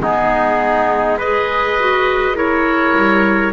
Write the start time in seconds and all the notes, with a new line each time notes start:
0.00 G#3 B3 D#4 G#4
1.18 G#4 B4 D#5
1.80 F#4
2.35 E4 A#4 C#5
2.97 G3